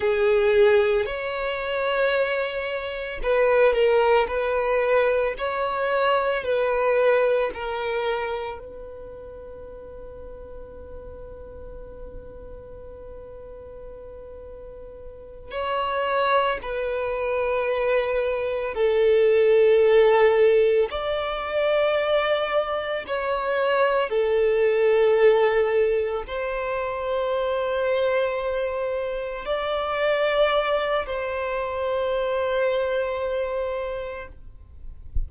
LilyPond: \new Staff \with { instrumentName = "violin" } { \time 4/4 \tempo 4 = 56 gis'4 cis''2 b'8 ais'8 | b'4 cis''4 b'4 ais'4 | b'1~ | b'2~ b'8 cis''4 b'8~ |
b'4. a'2 d''8~ | d''4. cis''4 a'4.~ | a'8 c''2. d''8~ | d''4 c''2. | }